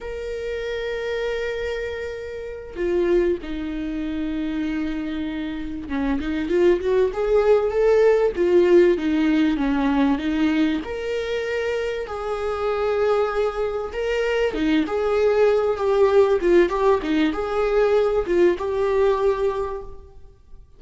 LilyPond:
\new Staff \with { instrumentName = "viola" } { \time 4/4 \tempo 4 = 97 ais'1~ | ais'8 f'4 dis'2~ dis'8~ | dis'4. cis'8 dis'8 f'8 fis'8 gis'8~ | gis'8 a'4 f'4 dis'4 cis'8~ |
cis'8 dis'4 ais'2 gis'8~ | gis'2~ gis'8 ais'4 dis'8 | gis'4. g'4 f'8 g'8 dis'8 | gis'4. f'8 g'2 | }